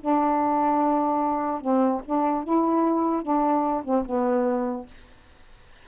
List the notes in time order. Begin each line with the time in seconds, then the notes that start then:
0.00 D4
1.61 C4
2.05 D4
2.44 E4
3.22 D4
3.84 C4
4.05 B3